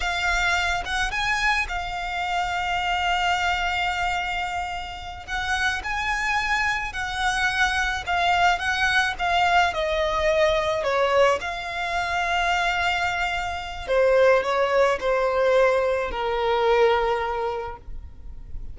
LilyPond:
\new Staff \with { instrumentName = "violin" } { \time 4/4 \tempo 4 = 108 f''4. fis''8 gis''4 f''4~ | f''1~ | f''4. fis''4 gis''4.~ | gis''8 fis''2 f''4 fis''8~ |
fis''8 f''4 dis''2 cis''8~ | cis''8 f''2.~ f''8~ | f''4 c''4 cis''4 c''4~ | c''4 ais'2. | }